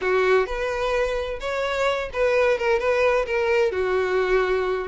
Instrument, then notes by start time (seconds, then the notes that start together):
violin
0.01 F#4
0.46 B4
1.40 C#5
2.13 B4
2.58 A#4
2.79 B4
3.26 A#4
3.71 F#4